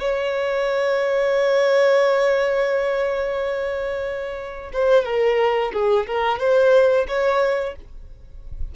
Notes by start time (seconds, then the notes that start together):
0.00 C#5
4.73 C5
5.05 A#4
5.73 G#4
6.07 A#4
6.40 C5
7.08 C#5